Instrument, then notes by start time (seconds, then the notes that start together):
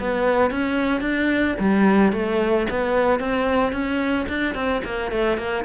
cello
0.00 B3
0.51 C#4
1.01 D4
1.59 G3
2.13 A3
2.70 B3
3.20 C4
3.73 C#4
4.29 D4
4.55 C4
4.85 A#3
5.12 A3
5.38 A#3